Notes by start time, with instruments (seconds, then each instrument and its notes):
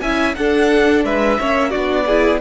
0.00 cello C#4, viola E4, violin E5 G#5
0.36 cello D4, viola D4, violin A4 F#5
1.04 cello G#3, violin B4 E5
1.39 cello A#3, viola C#4, violin C#5
1.70 cello B3, viola D4, violin F#4 D5
2.06 viola E4, violin G#4